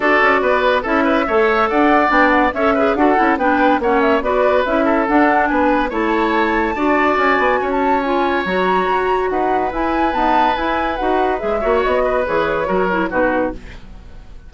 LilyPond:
<<
  \new Staff \with { instrumentName = "flute" } { \time 4/4 \tempo 4 = 142 d''2 e''2 | fis''4 g''8 fis''8 e''4 fis''4 | g''4 fis''8 e''8 d''4 e''4 | fis''4 gis''4 a''2~ |
a''4 gis''4~ gis''16 a''8. gis''4 | ais''2 fis''4 gis''4 | a''4 gis''4 fis''4 e''4 | dis''4 cis''2 b'4 | }
  \new Staff \with { instrumentName = "oboe" } { \time 4/4 a'4 b'4 a'8 b'8 cis''4 | d''2 cis''8 b'8 a'4 | b'4 cis''4 b'4. a'8~ | a'4 b'4 cis''2 |
d''2 cis''2~ | cis''2 b'2~ | b'2.~ b'8 cis''8~ | cis''8 b'4. ais'4 fis'4 | }
  \new Staff \with { instrumentName = "clarinet" } { \time 4/4 fis'2 e'4 a'4~ | a'4 d'4 a'8 gis'8 fis'8 e'8 | d'4 cis'4 fis'4 e'4 | d'2 e'2 |
fis'2. f'4 | fis'2. e'4 | b4 e'4 fis'4 gis'8 fis'8~ | fis'4 gis'4 fis'8 e'8 dis'4 | }
  \new Staff \with { instrumentName = "bassoon" } { \time 4/4 d'8 cis'8 b4 cis'4 a4 | d'4 b4 cis'4 d'8 cis'8 | b4 ais4 b4 cis'4 | d'4 b4 a2 |
d'4 cis'8 b8 cis'2 | fis4 fis'4 dis'4 e'4 | dis'4 e'4 dis'4 gis8 ais8 | b4 e4 fis4 b,4 | }
>>